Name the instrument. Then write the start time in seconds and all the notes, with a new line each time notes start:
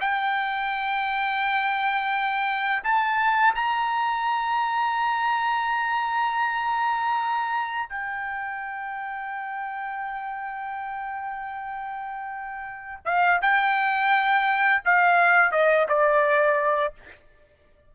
trumpet
0.00 G5
2.83 A5
3.54 A#5
7.89 G5
13.05 F5
13.41 G5
14.84 F5
15.51 D#5
15.88 D5